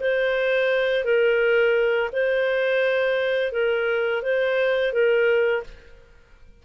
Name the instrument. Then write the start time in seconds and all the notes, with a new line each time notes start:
clarinet
0.00 C5
1.04 A#4
2.12 C5
3.52 A#4
4.22 C5
4.93 A#4